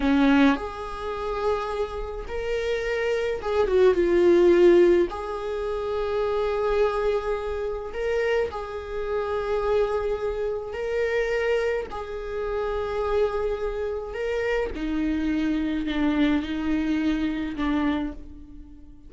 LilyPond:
\new Staff \with { instrumentName = "viola" } { \time 4/4 \tempo 4 = 106 cis'4 gis'2. | ais'2 gis'8 fis'8 f'4~ | f'4 gis'2.~ | gis'2 ais'4 gis'4~ |
gis'2. ais'4~ | ais'4 gis'2.~ | gis'4 ais'4 dis'2 | d'4 dis'2 d'4 | }